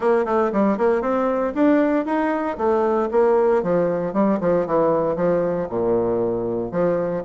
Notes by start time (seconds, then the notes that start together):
0.00 A#3
0.25 A3
0.52 G3
0.77 A#3
1.01 C4
1.54 D4
2.05 D#4
2.57 A3
3.11 A#3
3.62 F3
4.13 G3
4.40 F3
4.66 E3
5.16 F3
5.69 A#2
6.71 F3